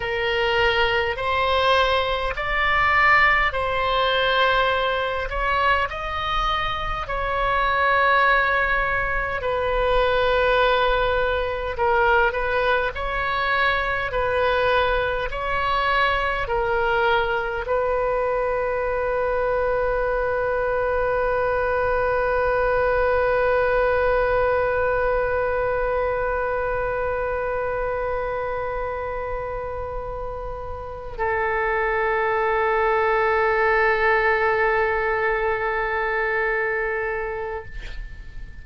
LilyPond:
\new Staff \with { instrumentName = "oboe" } { \time 4/4 \tempo 4 = 51 ais'4 c''4 d''4 c''4~ | c''8 cis''8 dis''4 cis''2 | b'2 ais'8 b'8 cis''4 | b'4 cis''4 ais'4 b'4~ |
b'1~ | b'1~ | b'2~ b'8 a'4.~ | a'1 | }